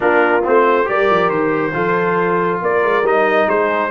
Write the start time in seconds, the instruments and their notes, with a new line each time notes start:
0.00 tuba A#3, trombone D4, horn F4, trumpet A#4
0.43 tuba A3, trombone C4, trumpet C5
0.84 tuba G3, trombone G4, horn A#4, trumpet D5
1.10 tuba F3
1.29 tuba D#3, trumpet C5
1.73 tuba F3, trombone F4, horn A4
2.62 tuba A#3, horn A#4, trumpet D5
2.83 tuba G#3
3.02 tuba G3, trombone D#4, trumpet D#5
3.48 tuba G#3, horn G#4, trumpet C5